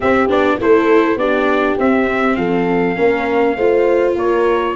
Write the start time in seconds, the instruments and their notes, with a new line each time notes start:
0.00 viola C4, tuba C4, horn G4, trumpet E5
0.28 tuba B3, viola D4, trumpet D5
0.60 tuba A3, viola E4, horn A4, trumpet C5
1.15 tuba B3, viola D4, horn G4, trumpet D5
1.77 tuba C4, viola C4, trumpet E5
2.35 tuba F3, horn A4, trumpet F5
2.95 tuba A#3, viola C#4, horn A#4
3.56 tuba A3, viola F4, horn C5
4.15 tuba A#3, horn A#4, trumpet C#5